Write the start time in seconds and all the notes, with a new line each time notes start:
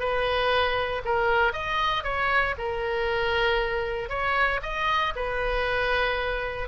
0.00 B4
1.05 A#4
1.53 D#5
2.04 C#5
2.59 A#4
4.10 C#5
4.63 D#5
5.16 B4